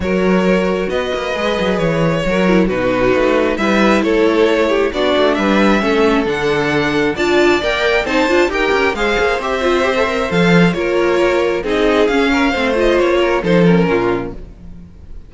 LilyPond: <<
  \new Staff \with { instrumentName = "violin" } { \time 4/4 \tempo 4 = 134 cis''2 dis''2 | cis''2 b'2 | e''4 cis''2 d''4 | e''2 fis''2 |
a''4 g''4 a''4 g''4 | f''4 e''2 f''4 | cis''2 dis''4 f''4~ | f''8 dis''8 cis''4 c''8 ais'4. | }
  \new Staff \with { instrumentName = "violin" } { \time 4/4 ais'2 b'2~ | b'4 ais'4 fis'2 | b'4 a'4. g'8 fis'4 | b'4 a'2. |
d''2 c''4 ais'4 | c''1 | ais'2 gis'4. ais'8 | c''4. ais'8 a'4 f'4 | }
  \new Staff \with { instrumentName = "viola" } { \time 4/4 fis'2. gis'4~ | gis'4 fis'8 e'8 dis'2 | e'2. d'4~ | d'4 cis'4 d'2 |
f'4 ais'4 dis'8 f'8 g'4 | gis'4 g'8 f'8 g'16 a'16 ais'8 a'4 | f'2 dis'4 cis'4 | c'8 f'4. dis'8 cis'4. | }
  \new Staff \with { instrumentName = "cello" } { \time 4/4 fis2 b8 ais8 gis8 fis8 | e4 fis4 b,4 a4 | g4 a2 b8 a8 | g4 a4 d2 |
d'4 ais4 c'8 d'8 dis'8 cis'8 | gis8 ais8 c'2 f4 | ais2 c'4 cis'4 | a4 ais4 f4 ais,4 | }
>>